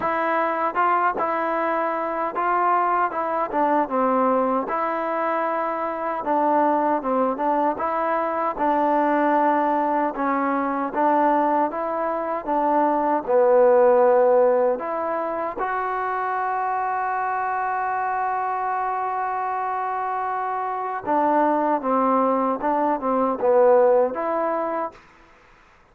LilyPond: \new Staff \with { instrumentName = "trombone" } { \time 4/4 \tempo 4 = 77 e'4 f'8 e'4. f'4 | e'8 d'8 c'4 e'2 | d'4 c'8 d'8 e'4 d'4~ | d'4 cis'4 d'4 e'4 |
d'4 b2 e'4 | fis'1~ | fis'2. d'4 | c'4 d'8 c'8 b4 e'4 | }